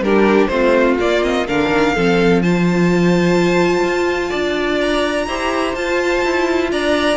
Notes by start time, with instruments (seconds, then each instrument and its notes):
0.00 cello G3, viola D4, violin G4 A#4
0.47 cello A3, viola C4, violin F4 C5
1.00 viola A#3, cello A#3, violin D5
1.22 viola C4, violin D#5
1.47 cello D3, viola D4, violin A#4 F5
1.69 cello D#3
1.95 cello F3, viola C4, violin A4
2.42 viola F4, violin C5 A5
3.83 cello F4
4.30 cello D4, violin D5
4.81 violin A#5
5.27 cello E4, viola G4, violin C5
5.75 viola F4, cello F4, violin A5
6.24 cello E4
6.72 cello D4, violin D5 A#5